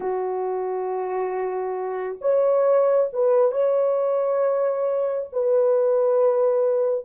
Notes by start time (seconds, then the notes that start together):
0.00 F#4
2.21 C#5
3.12 B4
3.51 C#5
5.32 B4